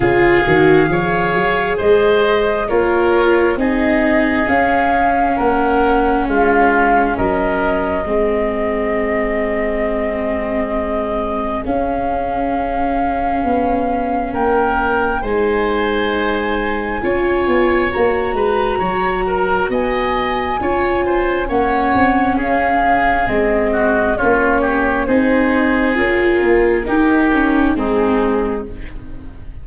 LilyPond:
<<
  \new Staff \with { instrumentName = "flute" } { \time 4/4 \tempo 4 = 67 f''2 dis''4 cis''4 | dis''4 f''4 fis''4 f''4 | dis''1~ | dis''4 f''2. |
g''4 gis''2. | ais''2 gis''2 | fis''4 f''4 dis''4 cis''4 | c''4 ais'2 gis'4 | }
  \new Staff \with { instrumentName = "oboe" } { \time 4/4 gis'4 cis''4 c''4 ais'4 | gis'2 ais'4 f'4 | ais'4 gis'2.~ | gis'1 |
ais'4 c''2 cis''4~ | cis''8 b'8 cis''8 ais'8 dis''4 cis''8 c''8 | cis''4 gis'4. fis'8 f'8 g'8 | gis'2 g'4 dis'4 | }
  \new Staff \with { instrumentName = "viola" } { \time 4/4 f'8 fis'8 gis'2 f'4 | dis'4 cis'2.~ | cis'4 c'2.~ | c'4 cis'2.~ |
cis'4 dis'2 f'4 | fis'2. f'4 | cis'2 c'4 cis'4 | dis'4 f'4 dis'8 cis'8 c'4 | }
  \new Staff \with { instrumentName = "tuba" } { \time 4/4 cis8 dis8 f8 fis8 gis4 ais4 | c'4 cis'4 ais4 gis4 | fis4 gis2.~ | gis4 cis'2 b4 |
ais4 gis2 cis'8 b8 | ais8 gis8 fis4 b4 cis'4 | ais8 c'8 cis'4 gis4 ais4 | c'4 cis'8 ais8 dis'4 gis4 | }
>>